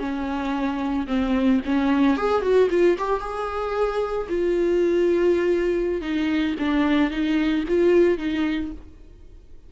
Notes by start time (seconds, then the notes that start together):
0.00 C#4
1.07 C4
1.66 C#4
2.17 G#4
2.42 F#4
2.71 F4
2.99 G4
3.21 G#4
4.29 F4
6.02 D#4
6.59 D4
7.11 D#4
7.69 F4
8.18 D#4